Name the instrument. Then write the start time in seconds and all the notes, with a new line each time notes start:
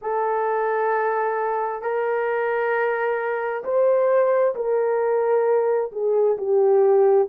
horn
0.01 A4
1.81 A#4
3.64 C5
4.55 A#4
5.91 G#4
6.37 G4